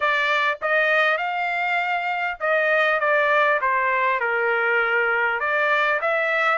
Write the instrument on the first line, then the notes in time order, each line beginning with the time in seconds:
trumpet
0.00 D5
0.61 D#5
1.17 F5
2.39 D#5
3.00 D5
3.61 C5
4.20 A#4
5.40 D5
6.01 E5